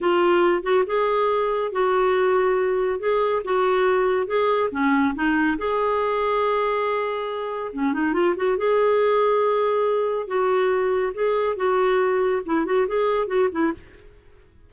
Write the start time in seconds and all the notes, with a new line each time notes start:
0.00 F4
0.62 F#4
0.86 G#4
1.72 F#4
2.99 G#4
3.44 F#4
4.26 G#4
4.71 C#4
5.14 D#4
5.58 G#4
7.73 C#4
7.93 D#4
8.13 F4
8.36 F#4
8.57 G#4
10.27 F#4
11.14 G#4
11.56 F#4
12.45 E4
12.65 F#4
12.87 G#4
13.27 F#4
13.51 E4